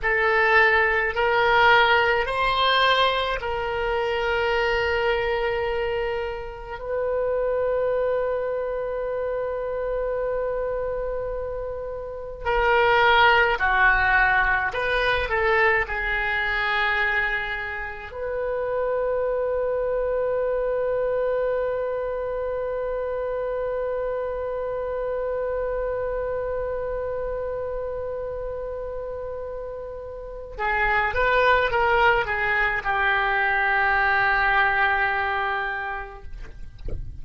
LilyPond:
\new Staff \with { instrumentName = "oboe" } { \time 4/4 \tempo 4 = 53 a'4 ais'4 c''4 ais'4~ | ais'2 b'2~ | b'2. ais'4 | fis'4 b'8 a'8 gis'2 |
b'1~ | b'1~ | b'2. gis'8 b'8 | ais'8 gis'8 g'2. | }